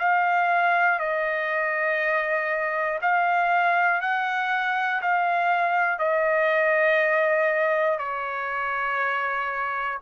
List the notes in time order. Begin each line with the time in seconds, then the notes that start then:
0.00 F5
1.00 D#5
3.02 F5
4.01 F#5
5.02 F5
6.00 D#5
8.00 C#5